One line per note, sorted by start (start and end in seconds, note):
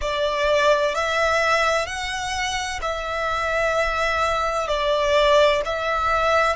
0.01 0.95 D5
0.95 1.86 E5
1.86 2.80 F#5
2.81 4.67 E5
4.67 5.61 D5
5.65 6.56 E5